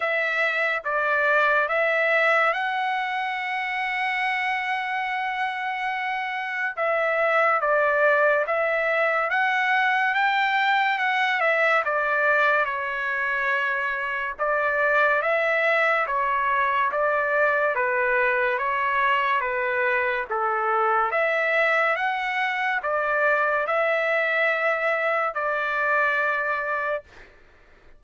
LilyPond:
\new Staff \with { instrumentName = "trumpet" } { \time 4/4 \tempo 4 = 71 e''4 d''4 e''4 fis''4~ | fis''1 | e''4 d''4 e''4 fis''4 | g''4 fis''8 e''8 d''4 cis''4~ |
cis''4 d''4 e''4 cis''4 | d''4 b'4 cis''4 b'4 | a'4 e''4 fis''4 d''4 | e''2 d''2 | }